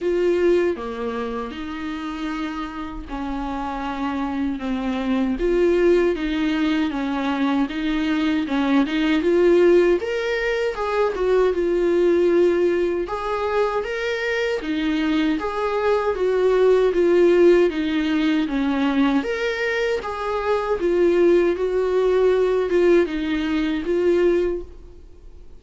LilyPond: \new Staff \with { instrumentName = "viola" } { \time 4/4 \tempo 4 = 78 f'4 ais4 dis'2 | cis'2 c'4 f'4 | dis'4 cis'4 dis'4 cis'8 dis'8 | f'4 ais'4 gis'8 fis'8 f'4~ |
f'4 gis'4 ais'4 dis'4 | gis'4 fis'4 f'4 dis'4 | cis'4 ais'4 gis'4 f'4 | fis'4. f'8 dis'4 f'4 | }